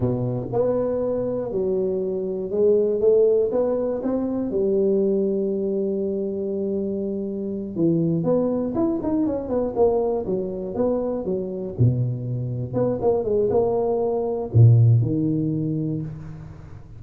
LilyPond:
\new Staff \with { instrumentName = "tuba" } { \time 4/4 \tempo 4 = 120 b,4 b2 fis4~ | fis4 gis4 a4 b4 | c'4 g2.~ | g2.~ g8 e8~ |
e8 b4 e'8 dis'8 cis'8 b8 ais8~ | ais8 fis4 b4 fis4 b,8~ | b,4. b8 ais8 gis8 ais4~ | ais4 ais,4 dis2 | }